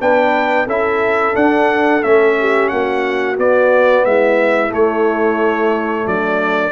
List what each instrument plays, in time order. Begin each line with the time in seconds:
0.00 tuba B3, trombone D4, horn B4, trumpet G5
0.67 tuba C#4, trombone E4, horn A4, trumpet E5
1.34 trombone D4, tuba D4, trumpet F#5
2.02 tuba A3, trombone C#4, trumpet E5
2.40 horn G4
2.69 tuba A#3, horn F#4, trumpet F#5
3.36 trombone B3, tuba B3, trumpet D5
4.05 tuba G#3, horn E4, trumpet E5
4.69 trombone A3, tuba A3, trumpet C#5
6.07 tuba F#3, horn D4, trumpet D5